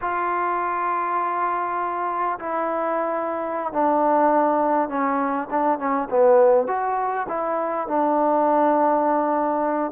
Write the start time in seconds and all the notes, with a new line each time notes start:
0.01 F4
2.39 E4
3.72 D4
4.88 C#4
5.50 D4
5.78 C#4
6.09 B3
6.67 F#4
7.28 E4
7.87 D4